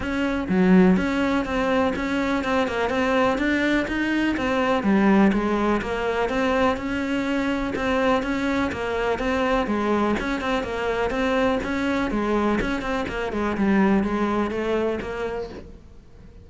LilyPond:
\new Staff \with { instrumentName = "cello" } { \time 4/4 \tempo 4 = 124 cis'4 fis4 cis'4 c'4 | cis'4 c'8 ais8 c'4 d'4 | dis'4 c'4 g4 gis4 | ais4 c'4 cis'2 |
c'4 cis'4 ais4 c'4 | gis4 cis'8 c'8 ais4 c'4 | cis'4 gis4 cis'8 c'8 ais8 gis8 | g4 gis4 a4 ais4 | }